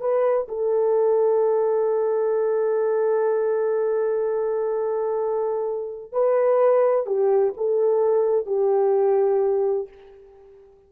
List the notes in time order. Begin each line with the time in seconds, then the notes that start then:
0.00 B4
0.48 A4
6.12 B4
7.06 G4
7.57 A4
8.46 G4